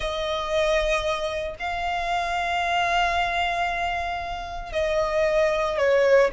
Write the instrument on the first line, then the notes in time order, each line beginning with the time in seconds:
violin
0.00 D#5
1.59 F5
4.72 D#5
5.78 C#5